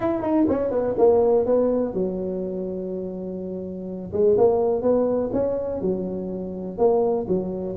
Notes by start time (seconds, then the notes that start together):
0.00 E4
0.21 D#4
0.49 C#4
0.70 B3
0.98 A#3
1.45 B3
1.93 F#3
4.12 G#3
4.37 A#3
4.81 B3
5.32 C#4
5.81 F#3
6.78 A#3
7.28 F#3